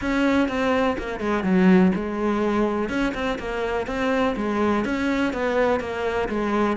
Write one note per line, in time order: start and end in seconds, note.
0.01 0.48 C#4
0.48 0.96 C4
0.98 1.20 A#3
1.20 1.43 G#3
1.43 1.92 F#3
1.95 2.89 G#3
2.89 3.13 C#4
3.14 3.38 C4
3.38 3.87 A#3
3.87 4.35 C4
4.36 4.85 G#3
4.85 5.33 C#4
5.33 5.80 B3
5.80 6.28 A#3
6.28 6.77 G#3